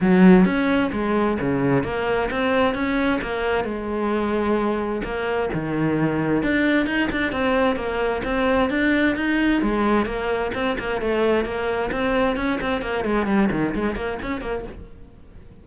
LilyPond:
\new Staff \with { instrumentName = "cello" } { \time 4/4 \tempo 4 = 131 fis4 cis'4 gis4 cis4 | ais4 c'4 cis'4 ais4 | gis2. ais4 | dis2 d'4 dis'8 d'8 |
c'4 ais4 c'4 d'4 | dis'4 gis4 ais4 c'8 ais8 | a4 ais4 c'4 cis'8 c'8 | ais8 gis8 g8 dis8 gis8 ais8 cis'8 ais8 | }